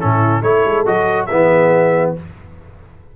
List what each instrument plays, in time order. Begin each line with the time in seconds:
0.00 tuba A2, trombone C#4, horn E4, trumpet A4
0.41 tuba A3, trombone E4, horn A4, trumpet C#5
0.65 tuba G#3
0.86 tuba F#3, trombone F#4, trumpet D#5
1.26 tuba E3, trombone B3, horn G#4, trumpet E5